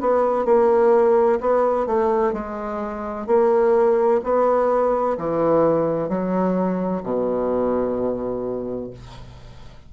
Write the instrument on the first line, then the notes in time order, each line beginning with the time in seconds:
bassoon
0.00 B3
0.45 A#3
1.40 B3
1.86 A3
2.33 G#3
3.27 A#3
4.23 B3
5.18 E3
6.09 F#3
7.03 B2